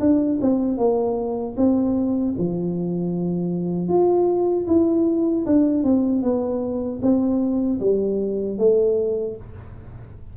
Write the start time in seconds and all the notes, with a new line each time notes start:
0.00 D4
0.41 C4
0.78 A#3
1.57 C4
2.38 F3
3.88 F4
4.67 E4
5.46 D4
5.83 C4
6.22 B3
7.02 C4
7.80 G3
8.58 A3